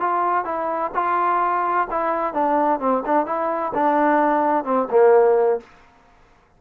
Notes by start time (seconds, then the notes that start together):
0.00 F4
0.45 E4
0.95 F4
1.90 E4
2.34 D4
2.80 C4
3.06 D4
3.26 E4
3.74 D4
4.65 C4
4.90 A#3